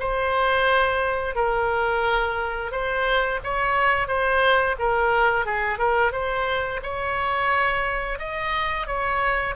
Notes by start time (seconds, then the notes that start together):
0.00 C5
1.36 A#4
2.72 C5
3.44 C#5
4.08 C5
4.79 A#4
5.46 G#4
5.79 A#4
6.12 C5
6.83 C#5
8.19 D#5
8.87 C#5